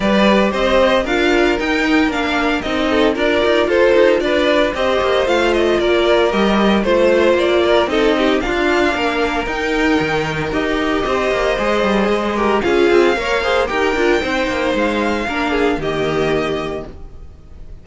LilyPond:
<<
  \new Staff \with { instrumentName = "violin" } { \time 4/4 \tempo 4 = 114 d''4 dis''4 f''4 g''4 | f''4 dis''4 d''4 c''4 | d''4 dis''4 f''8 dis''8 d''4 | dis''4 c''4 d''4 dis''4 |
f''2 g''2 | dis''1 | f''2 g''2 | f''2 dis''2 | }
  \new Staff \with { instrumentName = "violin" } { \time 4/4 b'4 c''4 ais'2~ | ais'4. a'8 ais'4 a'4 | b'4 c''2 ais'4~ | ais'4 c''4. ais'8 a'8 g'8 |
f'4 ais'2.~ | ais'4 c''2~ c''8 ais'8 | gis'4 cis''8 c''8 ais'4 c''4~ | c''4 ais'8 gis'8 g'2 | }
  \new Staff \with { instrumentName = "viola" } { \time 4/4 g'2 f'4 dis'4 | d'4 dis'4 f'2~ | f'4 g'4 f'2 | g'4 f'2 dis'4 |
d'2 dis'2 | g'2 gis'4. g'8 | f'4 ais'8 gis'8 g'8 f'8 dis'4~ | dis'4 d'4 ais2 | }
  \new Staff \with { instrumentName = "cello" } { \time 4/4 g4 c'4 d'4 dis'4 | ais4 c'4 d'8 dis'8 f'8 dis'8 | d'4 c'8 ais8 a4 ais4 | g4 a4 ais4 c'4 |
d'4 ais4 dis'4 dis4 | dis'4 c'8 ais8 gis8 g8 gis4 | cis'8 c'8 ais4 dis'8 d'8 c'8 ais8 | gis4 ais4 dis2 | }
>>